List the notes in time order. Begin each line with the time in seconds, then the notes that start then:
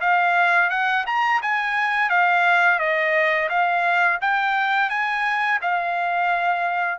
0.00 F5
0.69 F#5
1.06 A#5
1.41 G#5
2.09 F5
2.79 D#5
3.49 F5
4.21 G5
4.89 G#5
5.61 F5